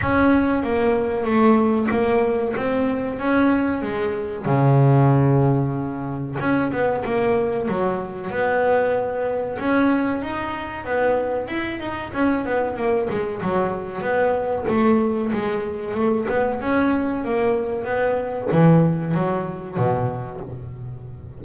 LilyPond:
\new Staff \with { instrumentName = "double bass" } { \time 4/4 \tempo 4 = 94 cis'4 ais4 a4 ais4 | c'4 cis'4 gis4 cis4~ | cis2 cis'8 b8 ais4 | fis4 b2 cis'4 |
dis'4 b4 e'8 dis'8 cis'8 b8 | ais8 gis8 fis4 b4 a4 | gis4 a8 b8 cis'4 ais4 | b4 e4 fis4 b,4 | }